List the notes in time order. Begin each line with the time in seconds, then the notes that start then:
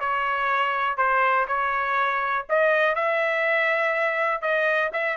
0.00 C#5
0.97 C5
1.48 C#5
2.49 D#5
2.96 E5
4.42 D#5
4.93 E5